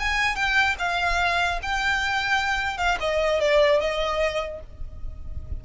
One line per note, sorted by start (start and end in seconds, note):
0.00 0.36 G#5
0.36 0.76 G5
0.79 1.60 F5
1.63 2.78 G5
2.78 2.98 F5
3.00 3.40 D#5
3.40 3.80 D5
3.80 4.61 D#5